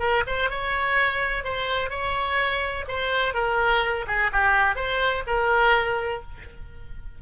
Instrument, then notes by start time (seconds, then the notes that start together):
oboe
0.00 A#4
0.27 C5
0.50 C#5
1.44 C5
1.90 C#5
2.89 C5
3.34 A#4
4.08 G#4
4.33 G4
4.76 C5
5.27 A#4